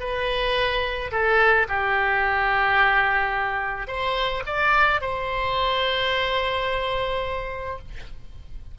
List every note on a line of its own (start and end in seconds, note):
0.00 1.11 B4
1.12 1.67 A4
1.68 3.87 G4
3.87 4.43 C5
4.46 5.01 D5
5.01 7.79 C5